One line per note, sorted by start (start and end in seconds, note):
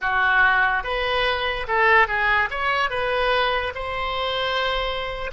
0.01 0.83 F#4
0.83 1.66 B4
1.67 2.07 A4
2.07 2.49 G#4
2.50 2.90 C#5
2.90 3.73 B4
3.74 5.30 C5